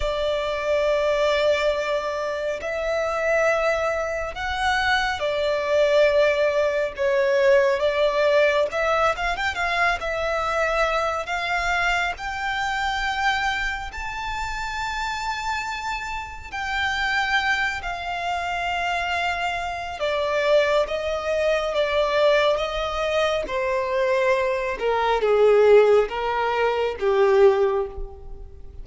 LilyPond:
\new Staff \with { instrumentName = "violin" } { \time 4/4 \tempo 4 = 69 d''2. e''4~ | e''4 fis''4 d''2 | cis''4 d''4 e''8 f''16 g''16 f''8 e''8~ | e''4 f''4 g''2 |
a''2. g''4~ | g''8 f''2~ f''8 d''4 | dis''4 d''4 dis''4 c''4~ | c''8 ais'8 gis'4 ais'4 g'4 | }